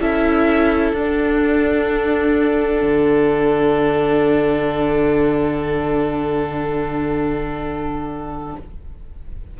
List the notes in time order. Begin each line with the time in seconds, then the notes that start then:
0.00 C#4 E4 A4 E5
0.92 D4 F#5
2.83 D3